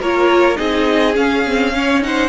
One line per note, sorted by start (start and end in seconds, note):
0.00 0.58 A#3
0.00 0.56 F4
0.00 0.58 A#4
0.00 0.57 C#5
0.56 1.17 C4
0.56 1.14 D#4
0.56 1.73 G#4
0.56 1.15 D#5
1.14 1.43 C#4
1.14 2.30 C#4
1.14 2.03 F5
1.47 1.74 C4
1.74 2.02 C#4
1.74 2.04 C#5
2.02 2.30 D#4
2.02 2.30 C5
2.02 2.30 F#5